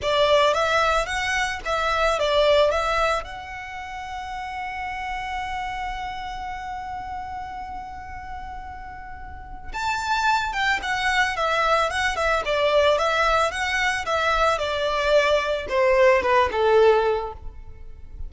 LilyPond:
\new Staff \with { instrumentName = "violin" } { \time 4/4 \tempo 4 = 111 d''4 e''4 fis''4 e''4 | d''4 e''4 fis''2~ | fis''1~ | fis''1~ |
fis''2 a''4. g''8 | fis''4 e''4 fis''8 e''8 d''4 | e''4 fis''4 e''4 d''4~ | d''4 c''4 b'8 a'4. | }